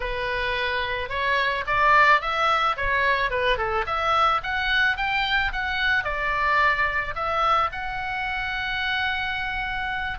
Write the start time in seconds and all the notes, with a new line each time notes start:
0.00 B4
1.09 C#5
1.66 D5
2.21 E5
2.76 C#5
3.30 B4
3.57 A4
3.86 E5
4.43 F#5
4.96 G5
5.52 F#5
6.04 D5
7.15 E5
7.72 F#5